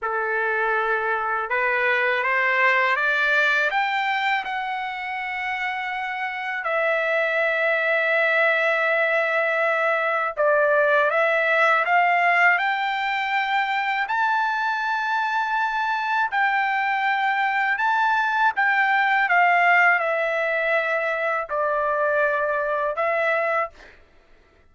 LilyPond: \new Staff \with { instrumentName = "trumpet" } { \time 4/4 \tempo 4 = 81 a'2 b'4 c''4 | d''4 g''4 fis''2~ | fis''4 e''2.~ | e''2 d''4 e''4 |
f''4 g''2 a''4~ | a''2 g''2 | a''4 g''4 f''4 e''4~ | e''4 d''2 e''4 | }